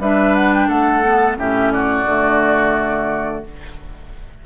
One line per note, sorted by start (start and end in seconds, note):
0.00 0.68 G3
0.00 1.04 D4
0.00 0.69 B4
0.00 0.36 E5
0.36 0.53 F#5
0.54 0.69 G5
0.68 1.37 A3
0.68 1.37 A4
0.68 1.38 F#5
1.04 1.38 B3
1.38 2.06 A2
1.38 2.07 C#4
1.38 1.73 G4
1.38 1.72 E5
1.72 3.46 F#4
1.72 3.44 D5
2.06 3.44 D3
2.06 3.46 A3